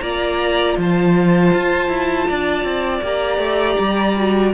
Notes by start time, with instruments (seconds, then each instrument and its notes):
0.00 cello A#3, viola F4, violin D5 A#5
0.77 cello F3, violin C5 A5
1.53 cello F4
1.88 cello E4
2.28 cello D4, violin D5
2.63 cello C4
3.02 cello A#3, viola G4, violin A#5
3.38 cello A3
3.79 cello G3
4.16 viola F#4